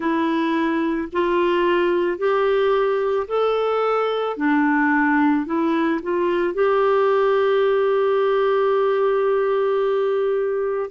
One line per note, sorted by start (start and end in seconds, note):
0.00 1.08 E4
1.12 2.18 F4
2.18 3.27 G4
3.27 4.36 A4
4.36 5.45 D4
5.45 6.00 E4
6.02 6.54 F4
6.54 10.90 G4